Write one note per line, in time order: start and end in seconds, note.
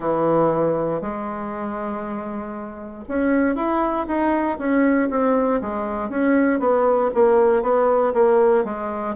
0.00 1.01 E3
1.01 3.04 G#3
3.08 3.55 C#4
3.55 4.06 E4
4.07 4.58 D#4
4.58 5.08 C#4
5.09 5.60 C4
5.61 6.09 G#3
6.09 6.59 C#4
6.59 7.10 B3
7.14 7.62 A#3
7.62 8.13 B3
8.14 8.64 A#3
8.64 9.15 G#3